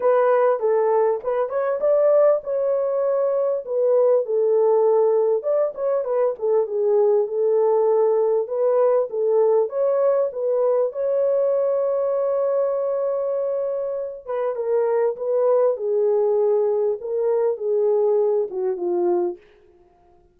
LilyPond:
\new Staff \with { instrumentName = "horn" } { \time 4/4 \tempo 4 = 99 b'4 a'4 b'8 cis''8 d''4 | cis''2 b'4 a'4~ | a'4 d''8 cis''8 b'8 a'8 gis'4 | a'2 b'4 a'4 |
cis''4 b'4 cis''2~ | cis''2.~ cis''8 b'8 | ais'4 b'4 gis'2 | ais'4 gis'4. fis'8 f'4 | }